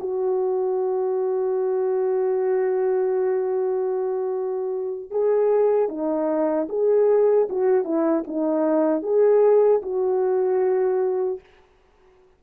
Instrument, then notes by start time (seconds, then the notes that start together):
horn
0.00 F#4
5.11 G#4
5.89 D#4
6.69 G#4
7.50 F#4
7.84 E4
8.27 D#4
9.03 G#4
9.82 F#4